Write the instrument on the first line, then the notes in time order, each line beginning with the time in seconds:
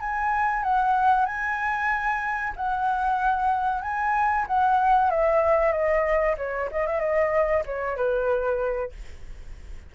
flute
0.00 G#5
0.63 F#5
1.26 G#5
2.56 F#5
3.82 G#5
4.47 F#5
5.10 E5
5.72 D#5
6.37 C#5
6.72 D#5
6.86 E5
7.00 D#5
7.66 C#5
7.96 B4